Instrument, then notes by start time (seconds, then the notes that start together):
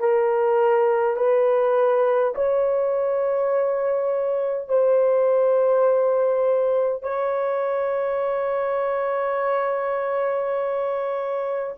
horn
0.00 A#4
1.17 B4
2.35 C#5
4.68 C5
7.03 C#5